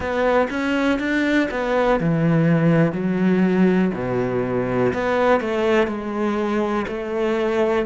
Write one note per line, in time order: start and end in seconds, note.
0.00 0.48 B3
0.50 0.99 C#4
0.99 1.48 D4
1.50 1.99 B3
1.99 2.92 E3
2.92 3.90 F#3
3.94 4.92 B2
4.93 5.40 B3
5.40 5.87 A3
5.87 6.85 G#3
6.87 7.85 A3